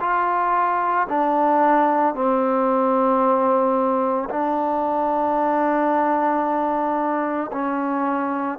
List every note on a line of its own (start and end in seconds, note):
0.00 1.07 F4
1.08 2.14 D4
2.14 4.29 C4
4.30 7.51 D4
7.52 8.58 C#4